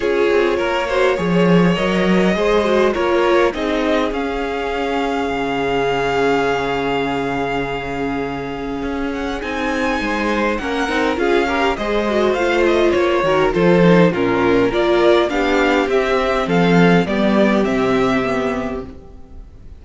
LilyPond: <<
  \new Staff \with { instrumentName = "violin" } { \time 4/4 \tempo 4 = 102 cis''2. dis''4~ | dis''4 cis''4 dis''4 f''4~ | f''1~ | f''2.~ f''8 fis''8 |
gis''2 fis''4 f''4 | dis''4 f''8 dis''8 cis''4 c''4 | ais'4 d''4 f''4 e''4 | f''4 d''4 e''2 | }
  \new Staff \with { instrumentName = "violin" } { \time 4/4 gis'4 ais'8 c''8 cis''2 | c''4 ais'4 gis'2~ | gis'1~ | gis'1~ |
gis'4 c''4 ais'4 gis'8 ais'8 | c''2~ c''8 ais'8 a'4 | f'4 ais'4 g'2 | a'4 g'2. | }
  \new Staff \with { instrumentName = "viola" } { \time 4/4 f'4. fis'8 gis'4 ais'4 | gis'8 fis'8 f'4 dis'4 cis'4~ | cis'1~ | cis'1 |
dis'2 cis'8 dis'8 f'8 g'8 | gis'8 fis'8 f'4. fis'8 f'8 dis'8 | cis'4 f'4 d'4 c'4~ | c'4 b4 c'4 b4 | }
  \new Staff \with { instrumentName = "cello" } { \time 4/4 cis'8 c'8 ais4 f4 fis4 | gis4 ais4 c'4 cis'4~ | cis'4 cis2.~ | cis2. cis'4 |
c'4 gis4 ais8 c'8 cis'4 | gis4 a4 ais8 dis8 f4 | ais,4 ais4 b4 c'4 | f4 g4 c2 | }
>>